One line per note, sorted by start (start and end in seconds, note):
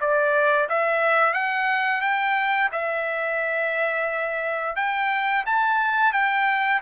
0.00 0.68 D5
0.69 1.34 E5
1.34 2.01 F#5
2.01 2.69 G5
2.72 4.76 E5
4.76 5.44 G5
5.46 6.12 A5
6.12 6.81 G5